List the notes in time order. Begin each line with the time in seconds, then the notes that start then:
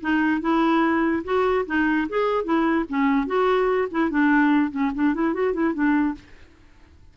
0.00 D#4
0.41 E4
1.24 F#4
1.66 D#4
2.09 G#4
2.44 E4
2.89 C#4
3.26 F#4
3.91 E4
4.10 D4
4.70 C#4
4.94 D4
5.14 E4
5.33 F#4
5.53 E4
5.73 D4